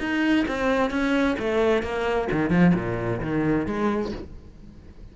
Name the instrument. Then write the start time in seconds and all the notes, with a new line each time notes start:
cello
0.00 D#4
0.48 C4
0.91 C#4
1.39 A3
1.83 A#3
2.32 D#3
2.50 F3
2.75 A#2
3.21 D#3
3.66 G#3